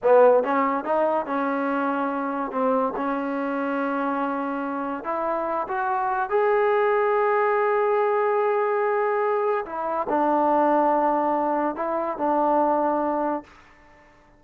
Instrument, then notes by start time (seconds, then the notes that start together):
trombone
0.02 B3
0.43 C#4
0.84 D#4
1.25 C#4
2.51 C4
2.96 C#4
5.04 E4
5.68 F#4
6.29 G#4
9.65 E4
10.09 D4
11.75 E4
12.17 D4